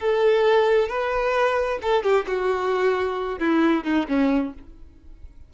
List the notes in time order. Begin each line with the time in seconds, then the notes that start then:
0.00 A4
0.89 B4
1.82 A4
2.03 G4
2.28 F#4
3.39 E4
3.84 D#4
4.09 C#4